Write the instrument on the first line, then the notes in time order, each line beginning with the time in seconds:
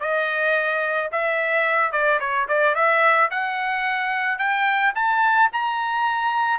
trumpet
0.00 D#5
1.12 E5
1.92 D5
2.20 C#5
2.48 D5
2.75 E5
3.31 F#5
4.38 G5
4.95 A5
5.52 A#5